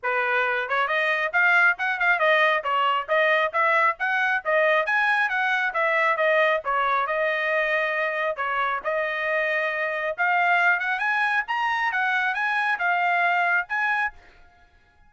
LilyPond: \new Staff \with { instrumentName = "trumpet" } { \time 4/4 \tempo 4 = 136 b'4. cis''8 dis''4 f''4 | fis''8 f''8 dis''4 cis''4 dis''4 | e''4 fis''4 dis''4 gis''4 | fis''4 e''4 dis''4 cis''4 |
dis''2. cis''4 | dis''2. f''4~ | f''8 fis''8 gis''4 ais''4 fis''4 | gis''4 f''2 gis''4 | }